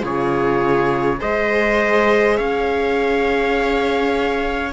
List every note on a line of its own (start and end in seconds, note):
0.00 1.20 C#3
0.00 1.18 F4
0.00 1.20 G#4
0.00 1.21 C#5
1.19 2.38 G#3
1.19 4.72 G#4
1.19 2.37 C5
1.19 2.37 D#5
2.37 4.72 C#4
2.37 4.72 C#5
2.37 4.72 F5